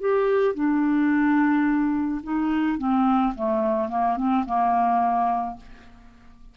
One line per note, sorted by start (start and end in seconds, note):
0.00 0.54 G4
0.54 2.21 D4
2.23 2.78 D#4
2.78 3.33 C4
3.34 3.88 A3
3.88 4.16 A#3
4.17 4.44 C4
4.45 5.56 A#3